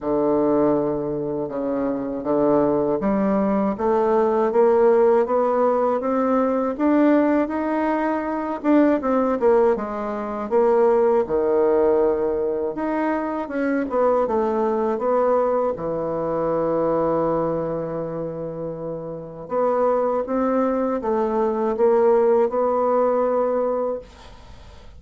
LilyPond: \new Staff \with { instrumentName = "bassoon" } { \time 4/4 \tempo 4 = 80 d2 cis4 d4 | g4 a4 ais4 b4 | c'4 d'4 dis'4. d'8 | c'8 ais8 gis4 ais4 dis4~ |
dis4 dis'4 cis'8 b8 a4 | b4 e2.~ | e2 b4 c'4 | a4 ais4 b2 | }